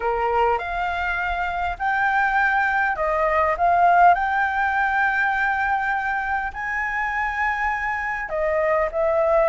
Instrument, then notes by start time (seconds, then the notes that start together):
flute
0.00 A#4
0.58 F5
1.78 G5
2.96 D#5
3.57 F5
4.14 G5
6.53 G#5
8.29 D#5
8.91 E5